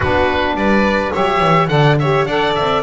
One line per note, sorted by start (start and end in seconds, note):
0.00 0.54 B3
0.00 1.13 D4
0.00 0.56 F#4
0.00 0.56 B4
0.54 1.11 G3
0.54 1.12 B4
0.54 1.12 D5
1.12 1.40 F#3
1.12 1.67 G4
1.12 1.69 C#5
1.12 1.67 E5
1.40 1.68 E3
1.67 2.25 D3
1.67 1.96 A4
1.67 1.98 D5
1.67 1.96 F#5
1.99 2.28 G4
1.99 2.27 C#5
1.99 2.25 E5
2.25 2.53 D4
2.25 2.82 A4
2.25 2.82 D5
2.25 2.53 F#5
2.55 2.82 C4
2.55 2.82 E5